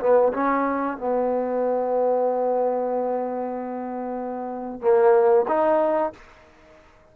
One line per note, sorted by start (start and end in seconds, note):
0.00 0.32 B3
0.33 0.98 C#4
0.98 4.81 B3
4.81 5.46 A#3
5.48 6.13 D#4